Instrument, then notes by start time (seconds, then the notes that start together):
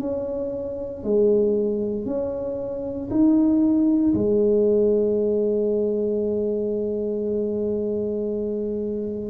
tuba
0.00 C#4
1.03 G#3
2.05 C#4
3.10 D#4
4.14 G#3